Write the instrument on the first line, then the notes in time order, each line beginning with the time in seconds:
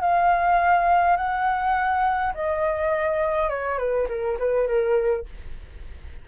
flute
0.00 F5
1.16 F#5
2.34 D#5
3.49 C#5
3.78 B4
4.08 A#4
4.39 B4
4.67 A#4